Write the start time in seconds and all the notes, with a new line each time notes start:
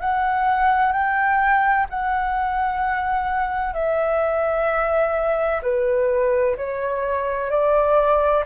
0.00 F#5
0.92 G5
1.90 F#5
3.73 E5
5.62 B4
6.57 C#5
7.50 D5